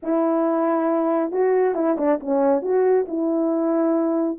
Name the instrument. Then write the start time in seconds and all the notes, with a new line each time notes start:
horn
0.02 E4
1.31 F#4
1.74 E4
1.97 D4
2.20 C#4
2.62 F#4
3.08 E4